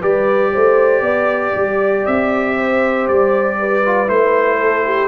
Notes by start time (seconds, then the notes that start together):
0.00 G3 G4 B4 D5
0.52 A3 C5
1.01 B3 D5
1.55 G3
2.06 C4 E5
2.56 C5
3.07 G3 D5
3.59 B4
3.85 F4
4.06 A3 E4 C5
4.58 A4
4.85 G4